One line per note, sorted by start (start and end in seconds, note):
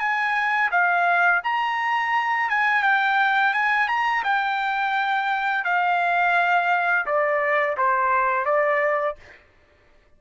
0.00 0.71 G#5
0.72 1.42 F5
1.44 2.50 A#5
2.50 2.83 G#5
2.83 3.54 G5
3.54 3.88 G#5
3.88 4.24 A#5
4.24 5.65 G5
5.65 7.06 F5
7.06 7.77 D5
7.77 8.45 C5
8.45 9.16 D5